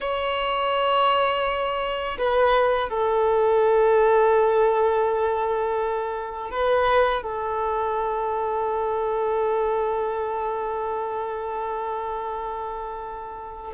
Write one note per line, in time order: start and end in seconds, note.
0.00 2.17 C#5
2.18 2.89 B4
2.89 6.50 A4
6.50 7.22 B4
7.22 13.73 A4